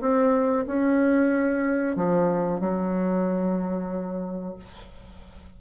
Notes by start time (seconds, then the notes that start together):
0.00 C4
0.67 C#4
1.96 F3
2.60 F#3